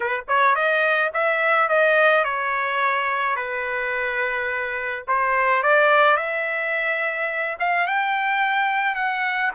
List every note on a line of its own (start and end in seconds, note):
0.00 0.24 B4
0.28 0.55 C#5
0.55 1.11 D#5
1.13 1.68 E5
1.68 2.24 D#5
2.24 3.36 C#5
3.36 5.04 B4
5.07 5.62 C5
5.62 6.17 D5
6.17 7.57 E5
7.59 7.86 F5
7.86 8.95 G5
8.95 9.51 F#5